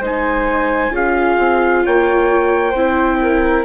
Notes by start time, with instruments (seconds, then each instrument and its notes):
0.00 bassoon G#3, viola D#4, flute C5, trumpet G#5
0.91 bassoon C#4, viola F4, flute G#4, trumpet F5
1.39 bassoon C4
1.85 bassoon A#3, flute C#5, trumpet G5
2.71 bassoon C4, viola E4, flute C5
3.22 flute A#4